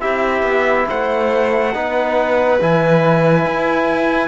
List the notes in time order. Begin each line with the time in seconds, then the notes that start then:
0.00 C4 E4 G4 E5
0.42 B3
0.89 A3 C5 F#5
1.74 B3 D#4 B4
2.61 E3 E4 G#5
3.45 E4